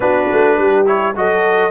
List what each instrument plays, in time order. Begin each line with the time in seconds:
0.00 tuba B3, trombone D4, horn F#4, trumpet B4
0.32 tuba A3
0.58 tuba G3, horn G4
0.85 trombone E4, trumpet C#5
1.15 tuba F#3, trombone F#4, horn A4, trumpet D#5